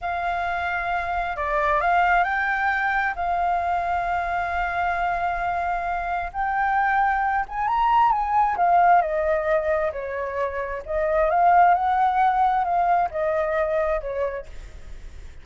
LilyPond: \new Staff \with { instrumentName = "flute" } { \time 4/4 \tempo 4 = 133 f''2. d''4 | f''4 g''2 f''4~ | f''1~ | f''2 g''2~ |
g''8 gis''8 ais''4 gis''4 f''4 | dis''2 cis''2 | dis''4 f''4 fis''2 | f''4 dis''2 cis''4 | }